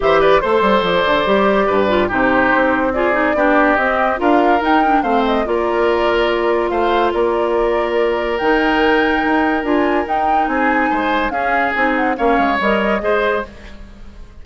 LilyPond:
<<
  \new Staff \with { instrumentName = "flute" } { \time 4/4 \tempo 4 = 143 e''8 d''8 c''4 d''2~ | d''4 c''2 d''4~ | d''4 dis''4 f''4 g''4 | f''8 dis''8 d''2. |
f''4 d''2. | g''2. gis''4 | g''4 gis''2 f''4 | gis''8 fis''8 f''4 dis''2 | }
  \new Staff \with { instrumentName = "oboe" } { \time 4/4 c''8 b'8 c''2. | b'4 g'2 gis'4 | g'2 ais'2 | c''4 ais'2. |
c''4 ais'2.~ | ais'1~ | ais'4 gis'4 c''4 gis'4~ | gis'4 cis''2 c''4 | }
  \new Staff \with { instrumentName = "clarinet" } { \time 4/4 g'4 a'2 g'4~ | g'8 f'8 dis'2 f'8 dis'8 | d'4 c'4 f'4 dis'8 d'8 | c'4 f'2.~ |
f'1 | dis'2. f'4 | dis'2. cis'4 | dis'4 cis'4 ais'4 gis'4 | }
  \new Staff \with { instrumentName = "bassoon" } { \time 4/4 e4 a8 g8 f8 d8 g4 | g,4 c4 c'2 | b4 c'4 d'4 dis'4 | a4 ais2. |
a4 ais2. | dis2 dis'4 d'4 | dis'4 c'4 gis4 cis'4 | c'4 ais8 gis8 g4 gis4 | }
>>